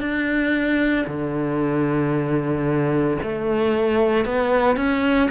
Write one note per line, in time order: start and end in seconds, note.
0.00 1.05 D4
1.07 3.17 D3
3.22 4.25 A3
4.25 4.77 B3
4.77 5.29 C#4